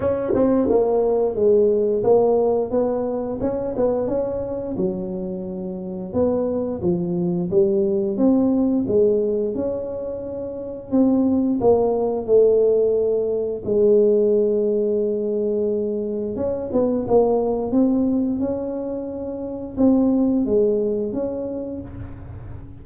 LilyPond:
\new Staff \with { instrumentName = "tuba" } { \time 4/4 \tempo 4 = 88 cis'8 c'8 ais4 gis4 ais4 | b4 cis'8 b8 cis'4 fis4~ | fis4 b4 f4 g4 | c'4 gis4 cis'2 |
c'4 ais4 a2 | gis1 | cis'8 b8 ais4 c'4 cis'4~ | cis'4 c'4 gis4 cis'4 | }